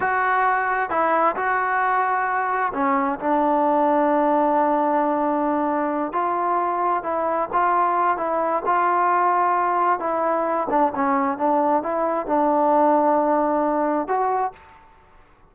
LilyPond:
\new Staff \with { instrumentName = "trombone" } { \time 4/4 \tempo 4 = 132 fis'2 e'4 fis'4~ | fis'2 cis'4 d'4~ | d'1~ | d'4. f'2 e'8~ |
e'8 f'4. e'4 f'4~ | f'2 e'4. d'8 | cis'4 d'4 e'4 d'4~ | d'2. fis'4 | }